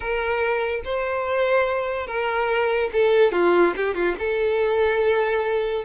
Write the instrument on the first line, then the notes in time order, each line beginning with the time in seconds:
violin
0.00 A#4
0.84 C5
2.06 A#4
2.92 A4
3.31 F4
3.76 G4
3.94 F4
4.18 A4